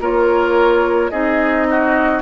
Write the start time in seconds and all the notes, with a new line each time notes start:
0.00 A#3 F4 A#4 C#5
1.10 C4 D#4 G#4 D#5
1.70 F#4